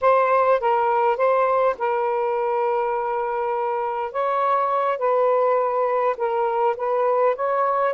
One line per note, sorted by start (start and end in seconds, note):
0.01 0.60 C5
0.60 1.17 A#4
1.17 1.75 C5
1.78 4.12 A#4
4.12 4.98 C#5
4.98 6.16 B4
6.17 6.76 A#4
6.76 7.35 B4
7.35 7.93 C#5